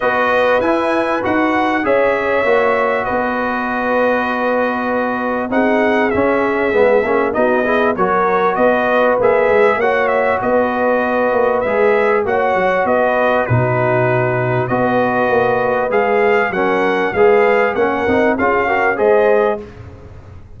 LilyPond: <<
  \new Staff \with { instrumentName = "trumpet" } { \time 4/4 \tempo 4 = 98 dis''4 gis''4 fis''4 e''4~ | e''4 dis''2.~ | dis''4 fis''4 e''2 | dis''4 cis''4 dis''4 e''4 |
fis''8 e''8 dis''2 e''4 | fis''4 dis''4 b'2 | dis''2 f''4 fis''4 | f''4 fis''4 f''4 dis''4 | }
  \new Staff \with { instrumentName = "horn" } { \time 4/4 b'2. cis''4~ | cis''4 b'2.~ | b'4 gis'2. | fis'8 gis'8 ais'4 b'2 |
cis''4 b'2. | cis''4 b'4 fis'2 | b'2. ais'4 | b'4 ais'4 gis'8 ais'8 c''4 | }
  \new Staff \with { instrumentName = "trombone" } { \time 4/4 fis'4 e'4 fis'4 gis'4 | fis'1~ | fis'4 dis'4 cis'4 b8 cis'8 | dis'8 e'8 fis'2 gis'4 |
fis'2. gis'4 | fis'2 dis'2 | fis'2 gis'4 cis'4 | gis'4 cis'8 dis'8 f'8 fis'8 gis'4 | }
  \new Staff \with { instrumentName = "tuba" } { \time 4/4 b4 e'4 dis'4 cis'4 | ais4 b2.~ | b4 c'4 cis'4 gis8 ais8 | b4 fis4 b4 ais8 gis8 |
ais4 b4. ais8 gis4 | ais8 fis8 b4 b,2 | b4 ais4 gis4 fis4 | gis4 ais8 c'8 cis'4 gis4 | }
>>